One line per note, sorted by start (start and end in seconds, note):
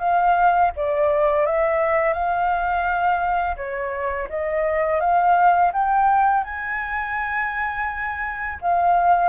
0.00 0.71 F5
0.76 1.46 D5
1.46 2.14 E5
2.14 3.56 F5
3.57 4.28 C#5
4.30 5.01 D#5
5.01 5.72 F5
5.73 6.44 G5
6.44 8.59 G#5
8.61 9.29 F5